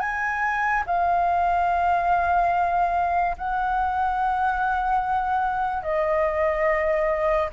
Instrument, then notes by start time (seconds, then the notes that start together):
flute
0.00 G#5
0.87 F5
3.37 F#5
5.83 D#5